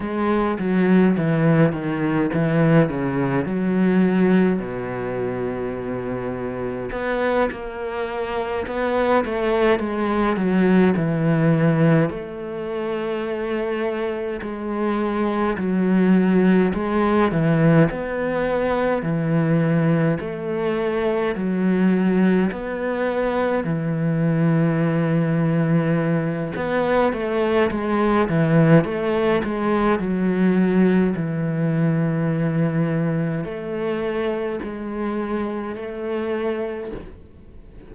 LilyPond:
\new Staff \with { instrumentName = "cello" } { \time 4/4 \tempo 4 = 52 gis8 fis8 e8 dis8 e8 cis8 fis4 | b,2 b8 ais4 b8 | a8 gis8 fis8 e4 a4.~ | a8 gis4 fis4 gis8 e8 b8~ |
b8 e4 a4 fis4 b8~ | b8 e2~ e8 b8 a8 | gis8 e8 a8 gis8 fis4 e4~ | e4 a4 gis4 a4 | }